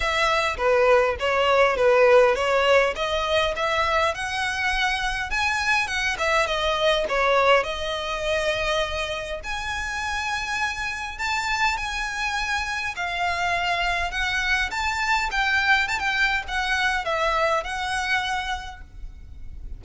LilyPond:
\new Staff \with { instrumentName = "violin" } { \time 4/4 \tempo 4 = 102 e''4 b'4 cis''4 b'4 | cis''4 dis''4 e''4 fis''4~ | fis''4 gis''4 fis''8 e''8 dis''4 | cis''4 dis''2. |
gis''2. a''4 | gis''2 f''2 | fis''4 a''4 g''4 a''16 g''8. | fis''4 e''4 fis''2 | }